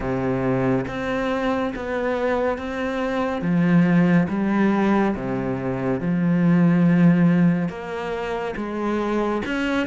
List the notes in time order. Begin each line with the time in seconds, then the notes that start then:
0.00 C3
0.87 C4
1.75 B3
2.58 C4
3.41 F3
4.29 G3
5.15 C3
6.00 F3
7.68 A#3
8.56 G#3
9.45 C#4